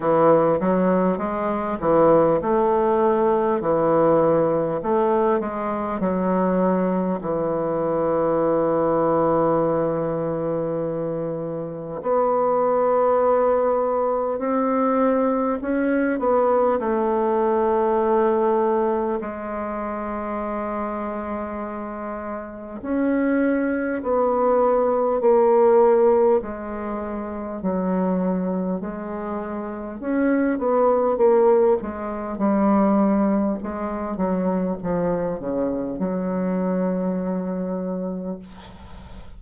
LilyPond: \new Staff \with { instrumentName = "bassoon" } { \time 4/4 \tempo 4 = 50 e8 fis8 gis8 e8 a4 e4 | a8 gis8 fis4 e2~ | e2 b2 | c'4 cis'8 b8 a2 |
gis2. cis'4 | b4 ais4 gis4 fis4 | gis4 cis'8 b8 ais8 gis8 g4 | gis8 fis8 f8 cis8 fis2 | }